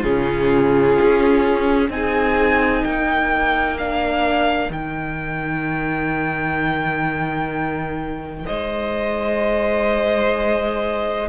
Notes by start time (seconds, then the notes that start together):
0.00 C#3 C#4 F4 G#4
1.01 C#4
1.90 C4 D#4 G#4 G#5
2.85 A#3 A#4 G5
3.78 D4 F5
4.70 D#3 D#4 G5
8.46 G#3 C5 D#5